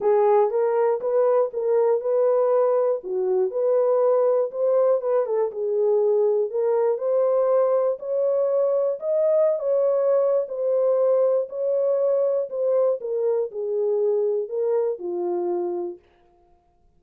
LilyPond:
\new Staff \with { instrumentName = "horn" } { \time 4/4 \tempo 4 = 120 gis'4 ais'4 b'4 ais'4 | b'2 fis'4 b'4~ | b'4 c''4 b'8 a'8 gis'4~ | gis'4 ais'4 c''2 |
cis''2 dis''4~ dis''16 cis''8.~ | cis''4 c''2 cis''4~ | cis''4 c''4 ais'4 gis'4~ | gis'4 ais'4 f'2 | }